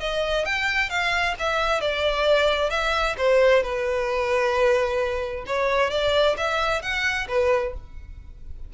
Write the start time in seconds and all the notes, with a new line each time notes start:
0.00 D#5
0.45 G5
0.89 F5
1.39 E5
1.81 D5
2.70 E5
3.17 C5
3.63 B4
5.46 C#5
5.90 D5
6.37 E5
6.82 F#5
7.28 B4